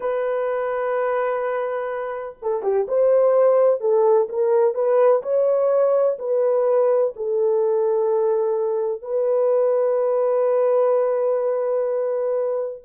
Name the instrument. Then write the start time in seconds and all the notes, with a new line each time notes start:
horn
0.00 B4
2.42 A4
2.62 G4
2.87 C5
3.80 A4
4.29 A#4
4.74 B4
5.22 C#5
6.19 B4
7.16 A4
9.02 B4